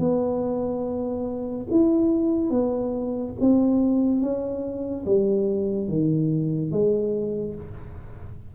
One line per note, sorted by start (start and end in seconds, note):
0.00 1.67 B3
1.71 2.50 E4
2.50 3.34 B3
3.41 4.22 C4
4.22 5.05 C#4
5.06 5.89 G3
5.89 6.72 D#3
6.72 7.55 G#3